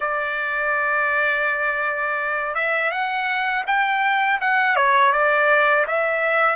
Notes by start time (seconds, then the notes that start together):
0.00 D5
2.54 E5
2.91 F#5
3.67 G5
4.40 F#5
4.76 C#5
5.12 D5
5.87 E5